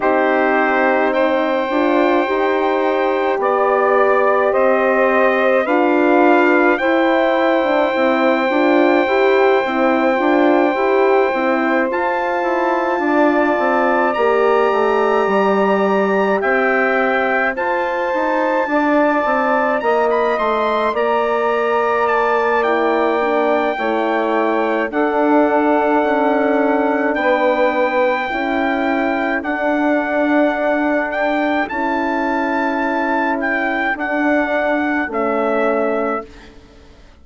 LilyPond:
<<
  \new Staff \with { instrumentName = "trumpet" } { \time 4/4 \tempo 4 = 53 c''4 g''2 d''4 | dis''4 f''4 g''2~ | g''2~ g''8 a''4.~ | a''8 ais''2 g''4 a''8~ |
a''4. ais''16 b''16 c'''8 ais''4 a''8 | g''2 fis''2 | g''2 fis''4. g''8 | a''4. g''8 fis''4 e''4 | }
  \new Staff \with { instrumentName = "saxophone" } { \time 4/4 g'4 c''2 d''4 | c''4 b'4 c''2~ | c''2.~ c''8 d''8~ | d''2~ d''8 e''4 c''8~ |
c''8 d''4 dis''4 d''4.~ | d''4 cis''4 a'2 | b'4 a'2.~ | a'1 | }
  \new Staff \with { instrumentName = "horn" } { \time 4/4 dis'4. f'8 g'2~ | g'4 f'4 e'8. d'16 e'8 f'8 | g'8 e'8 f'8 g'8 e'8 f'4.~ | f'8 g'2. f'8~ |
f'1 | e'8 d'8 e'4 d'2~ | d'4 e'4 d'2 | e'2 d'4 cis'4 | }
  \new Staff \with { instrumentName = "bassoon" } { \time 4/4 c'4. d'8 dis'4 b4 | c'4 d'4 e'4 c'8 d'8 | e'8 c'8 d'8 e'8 c'8 f'8 e'8 d'8 | c'8 ais8 a8 g4 c'4 f'8 |
dis'8 d'8 c'8 ais8 a8 ais4.~ | ais4 a4 d'4 cis'4 | b4 cis'4 d'2 | cis'2 d'4 a4 | }
>>